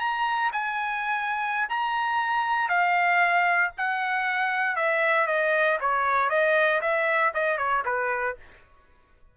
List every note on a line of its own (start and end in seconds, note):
0.00 0.51 A#5
0.53 1.68 G#5
1.69 2.69 A#5
2.69 3.72 F5
3.78 4.76 F#5
4.76 5.28 E5
5.28 5.79 D#5
5.81 6.30 C#5
6.30 6.81 D#5
6.82 7.33 E5
7.34 7.58 D#5
7.58 7.84 C#5
7.86 8.37 B4